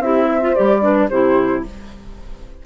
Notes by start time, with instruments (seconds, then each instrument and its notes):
0.00 bassoon C4, clarinet E4, horn G4, flute E5
0.27 horn C5
0.42 clarinet F4
0.55 bassoon G3, clarinet G4, flute D5
0.82 clarinet D4, horn B4
1.10 bassoon C3, clarinet E4, horn G4, flute C5